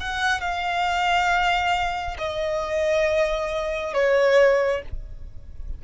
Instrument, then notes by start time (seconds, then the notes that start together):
violin
0.00 F#5
0.41 F5
2.18 D#5
3.94 C#5